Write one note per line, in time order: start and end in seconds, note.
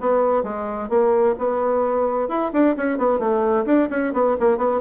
0.00 0.43 B3
0.43 0.89 G#3
0.89 1.35 A#3
1.38 2.28 B3
2.28 2.51 E4
2.52 2.75 D4
2.77 2.97 C#4
2.97 3.19 B3
3.19 3.65 A3
3.65 3.89 D4
3.90 4.13 C#4
4.13 4.36 B3
4.40 4.57 A#3
4.57 4.80 B3